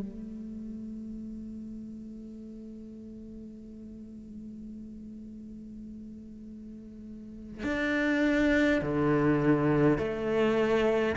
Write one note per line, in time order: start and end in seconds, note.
0.00 7.64 A3
7.64 8.81 D4
8.82 9.98 D3
9.98 11.16 A3